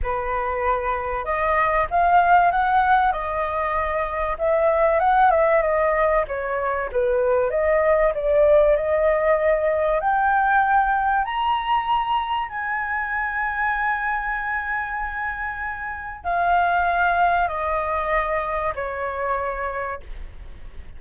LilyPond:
\new Staff \with { instrumentName = "flute" } { \time 4/4 \tempo 4 = 96 b'2 dis''4 f''4 | fis''4 dis''2 e''4 | fis''8 e''8 dis''4 cis''4 b'4 | dis''4 d''4 dis''2 |
g''2 ais''2 | gis''1~ | gis''2 f''2 | dis''2 cis''2 | }